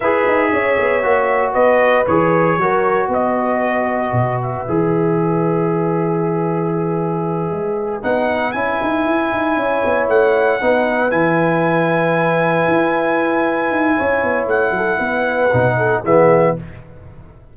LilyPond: <<
  \new Staff \with { instrumentName = "trumpet" } { \time 4/4 \tempo 4 = 116 e''2. dis''4 | cis''2 dis''2~ | dis''8 e''2.~ e''8~ | e''2.~ e''8 fis''8~ |
fis''8 gis''2. fis''8~ | fis''4. gis''2~ gis''8~ | gis''1 | fis''2. e''4 | }
  \new Staff \with { instrumentName = "horn" } { \time 4/4 b'4 cis''2 b'4~ | b'4 ais'4 b'2~ | b'1~ | b'1~ |
b'2~ b'8 cis''4.~ | cis''8 b'2.~ b'8~ | b'2. cis''4~ | cis''8 a'8 b'4. a'8 gis'4 | }
  \new Staff \with { instrumentName = "trombone" } { \time 4/4 gis'2 fis'2 | gis'4 fis'2.~ | fis'4 gis'2.~ | gis'2.~ gis'8 dis'8~ |
dis'8 e'2.~ e'8~ | e'8 dis'4 e'2~ e'8~ | e'1~ | e'2 dis'4 b4 | }
  \new Staff \with { instrumentName = "tuba" } { \time 4/4 e'8 dis'8 cis'8 b8 ais4 b4 | e4 fis4 b2 | b,4 e2.~ | e2~ e8 gis4 b8~ |
b8 cis'8 dis'8 e'8 dis'8 cis'8 b8 a8~ | a8 b4 e2~ e8~ | e8 e'2 dis'8 cis'8 b8 | a8 fis8 b4 b,4 e4 | }
>>